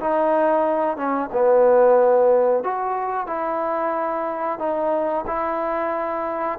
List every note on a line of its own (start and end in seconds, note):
0.00 0.97 D#4
0.97 1.30 C#4
1.32 2.64 B3
2.64 3.27 F#4
3.27 4.59 E4
4.59 5.25 D#4
5.27 6.59 E4